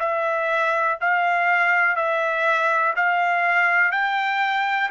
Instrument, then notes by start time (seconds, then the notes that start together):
trumpet
0.00 E5
1.01 F5
1.96 E5
2.96 F5
3.92 G5